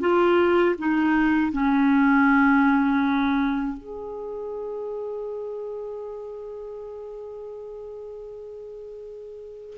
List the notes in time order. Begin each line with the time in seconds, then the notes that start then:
0.00 F4
0.78 D#4
1.52 C#4
3.77 G#4